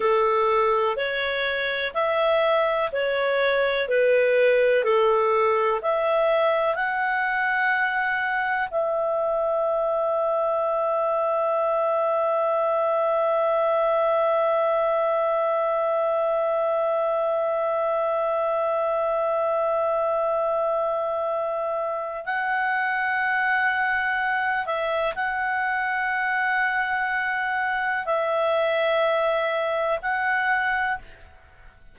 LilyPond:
\new Staff \with { instrumentName = "clarinet" } { \time 4/4 \tempo 4 = 62 a'4 cis''4 e''4 cis''4 | b'4 a'4 e''4 fis''4~ | fis''4 e''2.~ | e''1~ |
e''1~ | e''2. fis''4~ | fis''4. e''8 fis''2~ | fis''4 e''2 fis''4 | }